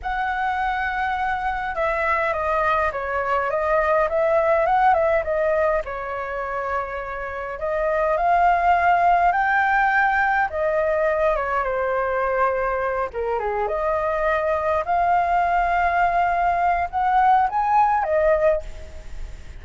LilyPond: \new Staff \with { instrumentName = "flute" } { \time 4/4 \tempo 4 = 103 fis''2. e''4 | dis''4 cis''4 dis''4 e''4 | fis''8 e''8 dis''4 cis''2~ | cis''4 dis''4 f''2 |
g''2 dis''4. cis''8 | c''2~ c''8 ais'8 gis'8 dis''8~ | dis''4. f''2~ f''8~ | f''4 fis''4 gis''4 dis''4 | }